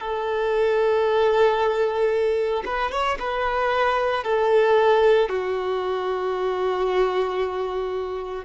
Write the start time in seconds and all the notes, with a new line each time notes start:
0.00 A4
2.65 B4
2.91 C#5
3.19 B4
4.23 A4
5.29 F#4